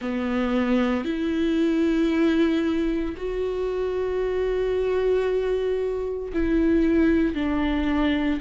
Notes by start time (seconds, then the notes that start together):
0.00 B3
1.04 E4
3.16 F#4
6.33 E4
7.34 D4